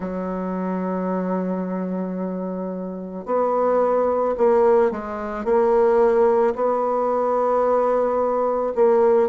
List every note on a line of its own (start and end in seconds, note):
0.00 3.25 F#3
3.25 4.34 B3
4.37 4.91 A#3
4.91 5.44 G#3
5.44 6.54 A#3
6.55 8.73 B3
8.75 9.28 A#3